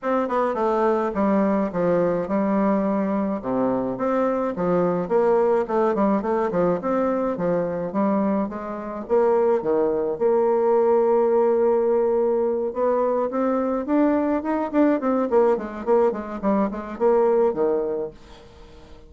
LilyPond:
\new Staff \with { instrumentName = "bassoon" } { \time 4/4 \tempo 4 = 106 c'8 b8 a4 g4 f4 | g2 c4 c'4 | f4 ais4 a8 g8 a8 f8 | c'4 f4 g4 gis4 |
ais4 dis4 ais2~ | ais2~ ais8 b4 c'8~ | c'8 d'4 dis'8 d'8 c'8 ais8 gis8 | ais8 gis8 g8 gis8 ais4 dis4 | }